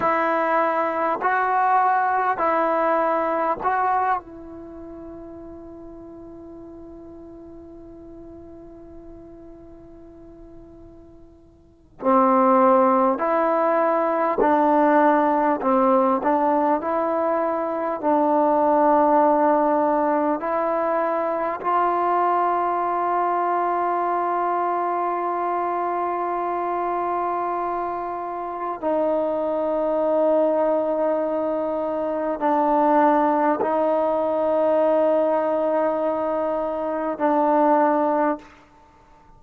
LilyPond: \new Staff \with { instrumentName = "trombone" } { \time 4/4 \tempo 4 = 50 e'4 fis'4 e'4 fis'8 e'8~ | e'1~ | e'2 c'4 e'4 | d'4 c'8 d'8 e'4 d'4~ |
d'4 e'4 f'2~ | f'1 | dis'2. d'4 | dis'2. d'4 | }